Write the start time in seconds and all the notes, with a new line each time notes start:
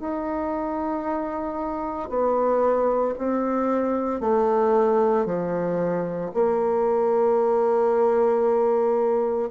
0.00 D#4
2.09 B3
3.18 C4
4.21 A3
5.25 F3
6.34 A#3